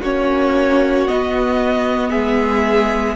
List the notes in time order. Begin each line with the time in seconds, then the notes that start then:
0.00 A#3 C#4 F#4 C#5
1.07 B3 D#5
2.10 G#3 G#4 E5